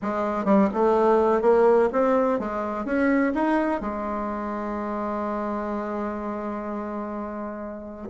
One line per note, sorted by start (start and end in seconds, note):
0.02 0.44 G#3
0.44 0.68 G3
0.73 1.41 A3
1.41 1.89 A#3
1.92 2.39 C4
2.39 2.85 G#3
2.85 3.32 C#4
3.34 3.80 D#4
3.80 8.09 G#3